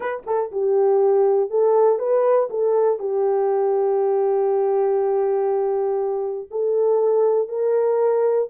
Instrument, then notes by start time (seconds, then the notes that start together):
horn
0.00 B4
0.26 A4
0.51 G4
1.50 A4
1.98 B4
2.50 A4
2.99 G4
6.50 A4
7.48 A#4